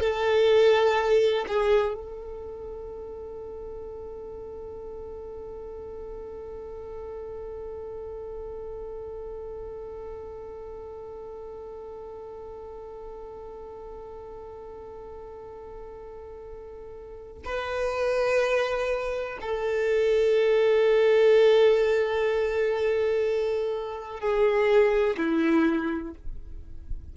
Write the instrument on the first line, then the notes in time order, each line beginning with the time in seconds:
violin
0.00 A4
1.47 G#4
1.94 A4
17.45 B4
19.41 A4
24.20 G#4
25.17 E4